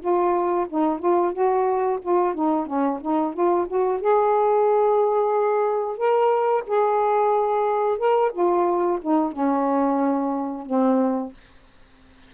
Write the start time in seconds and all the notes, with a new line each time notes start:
0.00 F4
0.69 D#4
0.99 F4
1.32 F#4
2.02 F4
2.34 D#4
2.66 C#4
3.01 D#4
3.33 F4
3.68 F#4
4.01 G#4
5.97 A#4
6.67 G#4
7.98 A#4
8.32 F4
9.02 D#4
9.32 C#4
10.66 C4